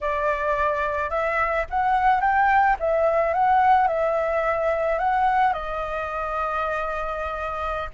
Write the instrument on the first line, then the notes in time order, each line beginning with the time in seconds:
flute
0.01 D5
1.10 E5
1.69 F#5
2.20 G5
2.79 E5
3.33 F#5
3.87 E5
4.98 F#5
5.53 D#5